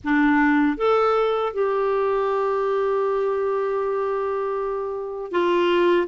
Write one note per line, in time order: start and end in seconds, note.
0.03 0.77 D4
0.77 1.53 A4
1.53 5.31 G4
5.31 6.07 F4